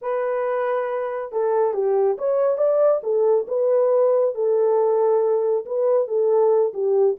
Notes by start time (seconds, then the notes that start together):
0.01 B4
1.32 A4
1.73 G4
2.18 C#5
2.57 D5
3.03 A4
3.47 B4
4.35 A4
5.65 B4
6.07 A4
6.73 G4